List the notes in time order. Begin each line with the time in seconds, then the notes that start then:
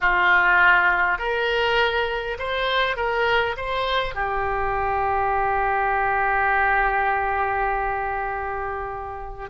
0.00 F4
1.18 A#4
2.38 C5
2.96 A#4
3.56 C5
4.14 G4